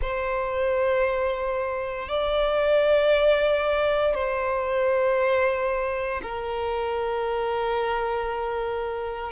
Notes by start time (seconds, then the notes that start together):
0.01 C5
2.08 D5
4.14 C5
6.22 A#4